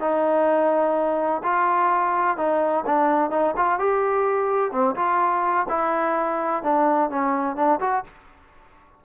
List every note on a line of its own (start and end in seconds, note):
0.00 1.42 D#4
1.43 2.37 F4
2.37 2.84 D#4
2.86 3.30 D4
3.30 3.54 D#4
3.56 3.79 F4
3.79 4.71 G4
4.71 4.95 C4
4.95 5.66 F4
5.68 6.63 E4
6.63 7.10 D4
7.10 7.56 C#4
7.56 7.79 D4
7.80 8.04 F#4